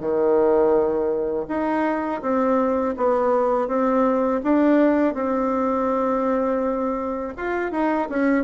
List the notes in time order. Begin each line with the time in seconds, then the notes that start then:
0.00 D#3
1.48 D#4
2.22 C4
2.97 B3
3.68 C4
4.43 D4
5.14 C4
7.37 F4
7.71 D#4
8.09 C#4